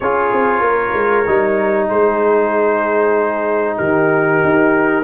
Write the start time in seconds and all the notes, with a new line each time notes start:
0.00 C#4 F4 G#4 C#5
0.32 C4
0.59 A#3 A#4
0.93 G#3
1.26 G3 D#4
1.89 G#3 G#4 C5
3.76 D#3 G4 A#4
4.44 D#4